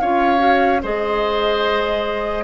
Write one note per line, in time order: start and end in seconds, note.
0.00 0.84 C#4
0.00 0.38 F4
0.00 0.82 C#5
0.00 0.81 F5
0.38 0.79 F#4
0.82 2.45 G#3
0.82 2.45 G#4
0.82 2.45 C5
0.82 2.45 D#5